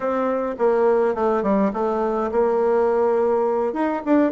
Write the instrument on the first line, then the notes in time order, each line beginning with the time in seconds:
bassoon
0.00 C4
0.58 A#3
1.14 A3
1.43 G3
1.73 A3
2.31 A#3
3.73 D#4
4.05 D4